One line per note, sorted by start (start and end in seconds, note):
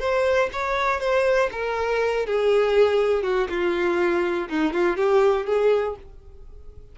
0.00 0.50 C5
0.53 1.00 C#5
1.00 1.50 C5
1.52 2.26 A#4
2.26 3.23 G#4
3.23 3.48 F#4
3.50 4.49 F4
4.49 4.73 D#4
4.73 4.97 F4
4.97 5.47 G4
5.47 5.96 G#4